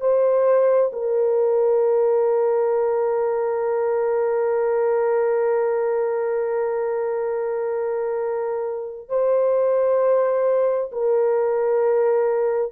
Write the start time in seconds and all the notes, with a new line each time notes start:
0.00 C5
0.92 A#4
9.09 C5
10.92 A#4